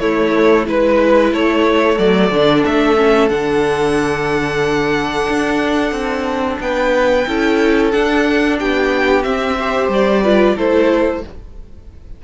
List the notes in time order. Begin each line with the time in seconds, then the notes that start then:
0.00 A3 E4 C#5
0.66 G#3 E4 B4
1.33 A3 A4 C#5
1.98 F#3 A3 D5
2.31 D3 D4
2.66 A3 E5
2.97 C#4
3.29 D3 D4 F#5
5.29 D4
5.92 C4
6.60 B3 B4 G5
7.28 C#4 E4 A4
7.92 D4 F#5
8.59 B3 G4 G5
9.23 C4 E5
9.58 G4 C5
9.88 G3 D5
10.23 F4 B4
10.57 A3 E4 A4 C5